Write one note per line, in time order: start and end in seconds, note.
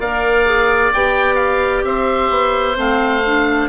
0.00 0.92 A#3
0.00 0.46 A#4
0.00 1.85 D5
0.00 0.93 F5
0.46 0.92 G#4
0.94 1.84 B3
0.94 2.76 G4
0.94 1.36 G5
1.36 1.82 F5
1.84 2.30 C4
1.84 3.69 C5
1.84 2.77 E5
2.30 2.76 B3
2.76 3.69 A3
2.76 3.22 C4
2.76 3.69 F5
3.26 3.69 D4